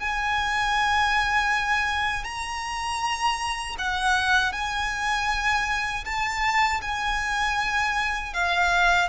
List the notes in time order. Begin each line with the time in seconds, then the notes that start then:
0.00 G#5
2.24 A#5
3.78 F#5
4.52 G#5
6.05 A5
6.81 G#5
8.33 F5